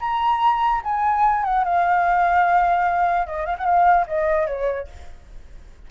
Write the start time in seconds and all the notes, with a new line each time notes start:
0.00 A#5
0.84 G#5
1.44 F#5
1.65 F5
3.27 D#5
3.46 F5
3.58 F#5
3.65 F5
4.07 D#5
4.47 C#5